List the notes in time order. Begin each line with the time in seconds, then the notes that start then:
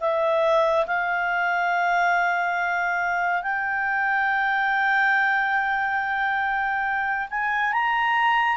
0.00 E5
0.86 F5
3.42 G5
7.30 G#5
7.72 A#5